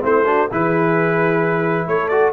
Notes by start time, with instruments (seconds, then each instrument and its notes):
0.00 tuba A3, trombone C4, horn E4, trumpet C5
0.25 trombone D4, horn F#4
0.49 tuba E3, trombone E4, horn G#4, trumpet B4
1.87 tuba A3, horn A4, trumpet C#5
2.08 trombone F#4, trumpet D5